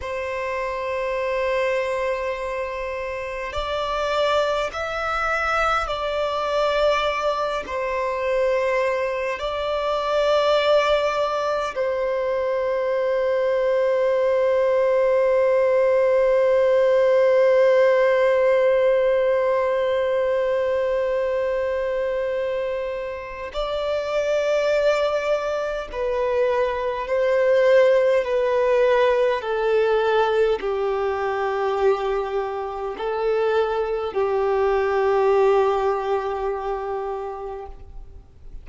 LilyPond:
\new Staff \with { instrumentName = "violin" } { \time 4/4 \tempo 4 = 51 c''2. d''4 | e''4 d''4. c''4. | d''2 c''2~ | c''1~ |
c''1 | d''2 b'4 c''4 | b'4 a'4 g'2 | a'4 g'2. | }